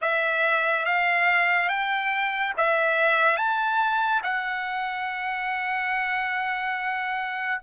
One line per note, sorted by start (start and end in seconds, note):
0.01 0.85 E5
0.85 1.68 F5
1.68 2.53 G5
2.57 3.36 E5
3.36 4.21 A5
4.23 7.61 F#5